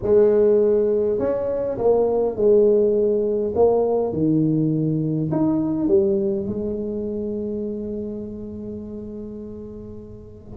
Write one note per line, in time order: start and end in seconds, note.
0.02 1.18 G#3
1.18 1.77 C#4
1.78 2.36 A#3
2.36 3.53 G#3
3.55 4.12 A#3
4.12 5.30 D#3
5.31 5.87 D#4
5.87 6.46 G3
6.46 10.57 G#3